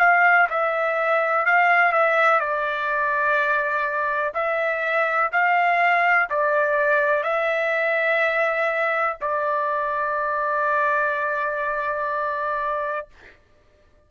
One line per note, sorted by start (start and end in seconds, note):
0.00 0.48 F5
0.50 1.46 E5
1.46 1.93 F5
1.93 2.40 E5
2.40 4.33 D5
4.35 5.31 E5
5.32 6.29 F5
6.30 7.24 D5
7.24 9.17 E5
9.21 13.08 D5